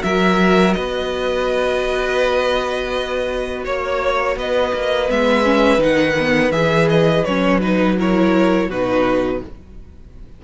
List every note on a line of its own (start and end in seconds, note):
0.00 0.76 F#3
0.00 5.06 F#4
0.00 0.77 A#4
0.00 0.74 E5
0.74 3.67 B3
0.74 3.67 B4
0.74 3.63 D#5
3.65 4.36 A#3
3.65 4.37 C#5
3.65 4.39 C#5
4.36 4.73 B3
4.36 7.98 B4
4.36 5.11 D#5
4.74 5.10 A#3
5.09 5.79 G#3
5.09 5.45 B3
5.09 5.83 E5
5.45 5.79 C#4
5.79 6.51 D#3
5.79 6.15 D#4
5.79 6.52 F#5
6.20 6.53 B3
6.52 7.24 E3
6.52 7.25 G#4
6.52 6.89 E5
6.89 7.25 D#5
7.25 8.69 F#3
7.25 7.61 C#4
7.25 7.61 C#5
7.61 7.98 D#4
7.61 7.98 B4
7.98 8.70 E4
7.98 8.70 A#4
7.98 8.71 C#5
8.69 9.41 B2
8.69 9.45 D#4
8.69 9.42 F#4
8.69 9.43 B4